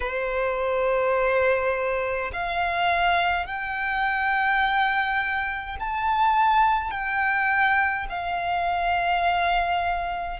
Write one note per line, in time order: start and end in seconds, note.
0.00 2.31 C5
2.32 3.46 F5
3.46 5.76 G5
5.80 6.90 A5
6.90 8.06 G5
8.09 10.39 F5